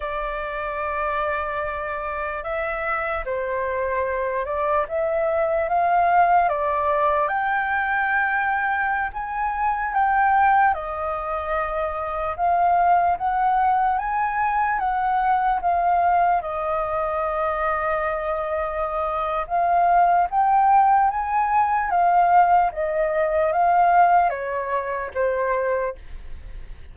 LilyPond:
\new Staff \with { instrumentName = "flute" } { \time 4/4 \tempo 4 = 74 d''2. e''4 | c''4. d''8 e''4 f''4 | d''4 g''2~ g''16 gis''8.~ | gis''16 g''4 dis''2 f''8.~ |
f''16 fis''4 gis''4 fis''4 f''8.~ | f''16 dis''2.~ dis''8. | f''4 g''4 gis''4 f''4 | dis''4 f''4 cis''4 c''4 | }